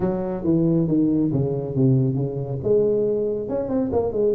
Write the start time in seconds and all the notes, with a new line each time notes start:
0.00 F#3
0.43 E3
0.87 D#3
1.32 C#3
1.75 C3
2.15 C#3
2.63 G#3
3.48 C#4
3.69 C4
3.92 A#3
4.12 G#3